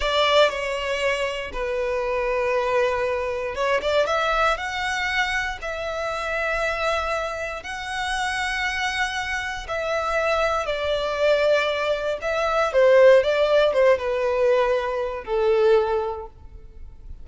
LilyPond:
\new Staff \with { instrumentName = "violin" } { \time 4/4 \tempo 4 = 118 d''4 cis''2 b'4~ | b'2. cis''8 d''8 | e''4 fis''2 e''4~ | e''2. fis''4~ |
fis''2. e''4~ | e''4 d''2. | e''4 c''4 d''4 c''8 b'8~ | b'2 a'2 | }